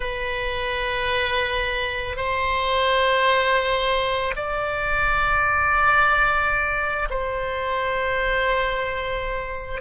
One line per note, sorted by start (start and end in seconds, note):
0.00 2.16 B4
2.16 4.34 C5
4.35 7.08 D5
7.10 9.81 C5